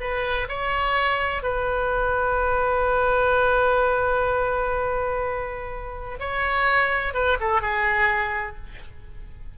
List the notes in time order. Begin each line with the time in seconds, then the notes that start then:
0.00 B4
0.48 C#5
1.43 B4
6.19 C#5
7.14 B4
7.40 A4
7.61 G#4